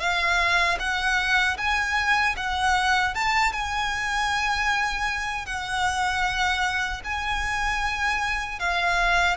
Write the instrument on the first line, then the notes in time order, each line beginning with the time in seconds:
violin
0.00 F5
0.79 F#5
1.58 G#5
2.37 F#5
3.15 A5
3.53 G#5
5.46 F#5
7.04 G#5
8.60 F5